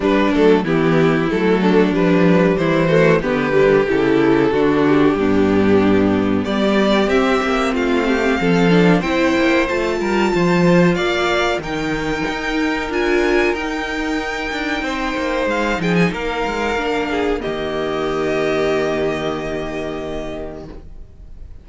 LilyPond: <<
  \new Staff \with { instrumentName = "violin" } { \time 4/4 \tempo 4 = 93 b'8 a'8 g'4 a'4 b'4 | c''4 b'4 a'4. g'8~ | g'2 d''4 e''4 | f''2 g''4 a''4~ |
a''4 f''4 g''2 | gis''4 g''2. | f''8 g''16 gis''16 f''2 dis''4~ | dis''1 | }
  \new Staff \with { instrumentName = "violin" } { \time 4/4 d'4 e'4. d'4. | e'8 fis'8 g'2 fis'4 | d'2 g'2 | f'8 g'8 a'4 c''4. ais'8 |
c''4 d''4 ais'2~ | ais'2. c''4~ | c''8 gis'8 ais'4. gis'8 g'4~ | g'1 | }
  \new Staff \with { instrumentName = "viola" } { \time 4/4 g8 a8 b4 a4 g4~ | g8 a8 b8 g8 e'4 d'4 | b2. c'4~ | c'4. d'8 e'4 f'4~ |
f'2 dis'2 | f'4 dis'2.~ | dis'2 d'4 ais4~ | ais1 | }
  \new Staff \with { instrumentName = "cello" } { \time 4/4 g8 fis8 e4 fis4 f4 | e4 d4 cis4 d4 | g,2 g4 c'8 ais8 | a4 f4 c'8 ais8 a8 g8 |
f4 ais4 dis4 dis'4 | d'4 dis'4. d'8 c'8 ais8 | gis8 f8 ais8 gis8 ais4 dis4~ | dis1 | }
>>